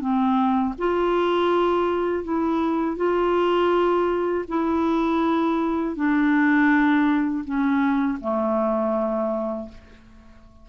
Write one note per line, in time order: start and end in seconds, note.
0.00 0.74 C4
0.78 2.24 F4
2.24 2.97 E4
2.97 4.45 F4
4.48 5.96 E4
5.96 7.44 D4
7.44 8.19 C#4
8.21 9.69 A3